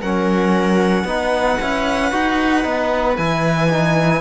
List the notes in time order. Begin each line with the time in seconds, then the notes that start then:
0.00 F#3 C#4 A#4 F#5
1.04 B3 D#4 B4
1.61 C#4 E4
2.12 D#4 F#4
2.63 B3 D#4
3.16 E3 E4 G#5
3.70 D#4